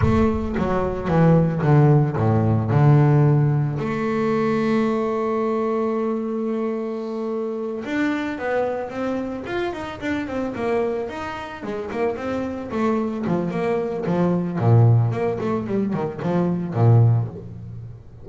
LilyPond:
\new Staff \with { instrumentName = "double bass" } { \time 4/4 \tempo 4 = 111 a4 fis4 e4 d4 | a,4 d2 a4~ | a1~ | a2~ a8 d'4 b8~ |
b8 c'4 f'8 dis'8 d'8 c'8 ais8~ | ais8 dis'4 gis8 ais8 c'4 a8~ | a8 f8 ais4 f4 ais,4 | ais8 a8 g8 dis8 f4 ais,4 | }